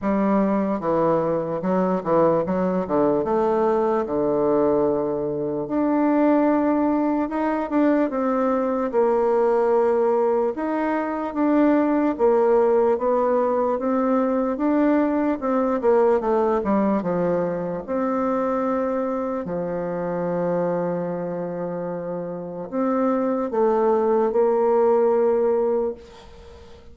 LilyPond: \new Staff \with { instrumentName = "bassoon" } { \time 4/4 \tempo 4 = 74 g4 e4 fis8 e8 fis8 d8 | a4 d2 d'4~ | d'4 dis'8 d'8 c'4 ais4~ | ais4 dis'4 d'4 ais4 |
b4 c'4 d'4 c'8 ais8 | a8 g8 f4 c'2 | f1 | c'4 a4 ais2 | }